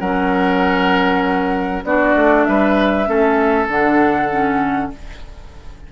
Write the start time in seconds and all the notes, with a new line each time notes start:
0.00 F#3 C#4 A#4 F#5
1.84 B3 D4 F#4 D5
2.15 A3
2.45 G3 B4 E5
3.06 A3 C#4 A4
3.67 D3 D4 F#5
4.31 C#4